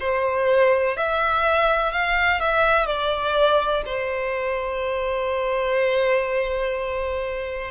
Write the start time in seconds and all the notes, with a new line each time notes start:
0.00 C5
0.97 E5
1.92 F5
2.40 E5
2.86 D5
3.86 C5